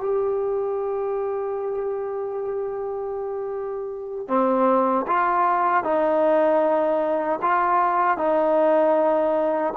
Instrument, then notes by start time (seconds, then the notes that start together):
trombone
0.00 G4
4.28 C4
5.07 F4
5.83 D#4
7.42 F4
8.17 D#4